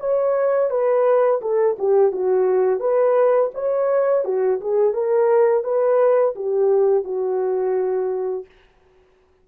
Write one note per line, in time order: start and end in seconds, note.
0.00 0.70 C#5
0.70 1.41 B4
1.41 1.77 A4
1.79 2.12 G4
2.12 2.80 F#4
2.80 3.51 B4
3.54 4.25 C#5
4.25 4.60 F#4
4.61 4.93 G#4
4.93 5.64 A#4
5.64 6.35 B4
6.36 7.05 G4
7.05 8.46 F#4